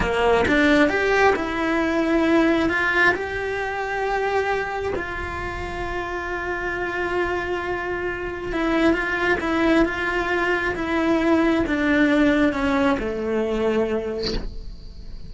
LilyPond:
\new Staff \with { instrumentName = "cello" } { \time 4/4 \tempo 4 = 134 ais4 d'4 g'4 e'4~ | e'2 f'4 g'4~ | g'2. f'4~ | f'1~ |
f'2. e'4 | f'4 e'4 f'2 | e'2 d'2 | cis'4 a2. | }